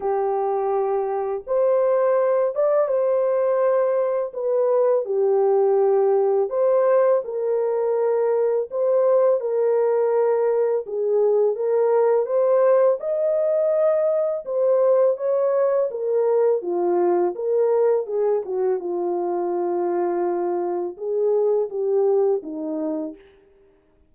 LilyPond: \new Staff \with { instrumentName = "horn" } { \time 4/4 \tempo 4 = 83 g'2 c''4. d''8 | c''2 b'4 g'4~ | g'4 c''4 ais'2 | c''4 ais'2 gis'4 |
ais'4 c''4 dis''2 | c''4 cis''4 ais'4 f'4 | ais'4 gis'8 fis'8 f'2~ | f'4 gis'4 g'4 dis'4 | }